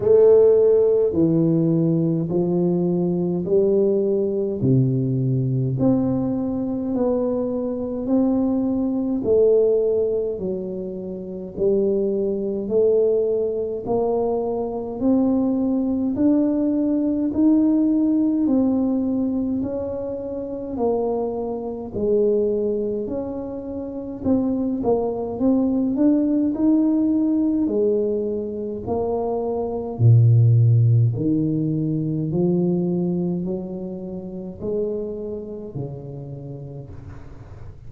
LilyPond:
\new Staff \with { instrumentName = "tuba" } { \time 4/4 \tempo 4 = 52 a4 e4 f4 g4 | c4 c'4 b4 c'4 | a4 fis4 g4 a4 | ais4 c'4 d'4 dis'4 |
c'4 cis'4 ais4 gis4 | cis'4 c'8 ais8 c'8 d'8 dis'4 | gis4 ais4 ais,4 dis4 | f4 fis4 gis4 cis4 | }